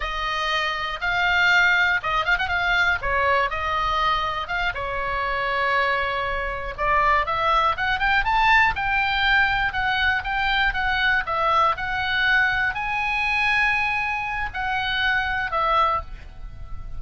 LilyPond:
\new Staff \with { instrumentName = "oboe" } { \time 4/4 \tempo 4 = 120 dis''2 f''2 | dis''8 f''16 fis''16 f''4 cis''4 dis''4~ | dis''4 f''8 cis''2~ cis''8~ | cis''4. d''4 e''4 fis''8 |
g''8 a''4 g''2 fis''8~ | fis''8 g''4 fis''4 e''4 fis''8~ | fis''4. gis''2~ gis''8~ | gis''4 fis''2 e''4 | }